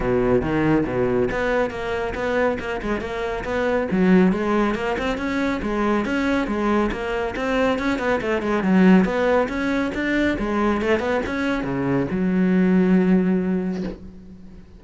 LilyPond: \new Staff \with { instrumentName = "cello" } { \time 4/4 \tempo 4 = 139 b,4 dis4 b,4 b4 | ais4 b4 ais8 gis8 ais4 | b4 fis4 gis4 ais8 c'8 | cis'4 gis4 cis'4 gis4 |
ais4 c'4 cis'8 b8 a8 gis8 | fis4 b4 cis'4 d'4 | gis4 a8 b8 cis'4 cis4 | fis1 | }